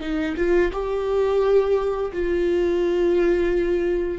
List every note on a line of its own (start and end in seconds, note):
0.00 0.35 D#4
0.36 0.71 F4
0.72 2.12 G4
2.12 4.18 F4